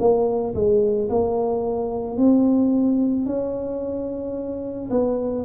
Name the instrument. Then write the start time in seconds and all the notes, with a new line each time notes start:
tuba
0.00 A#3
0.55 G#3
1.10 A#3
2.17 C4
3.26 C#4
4.90 B3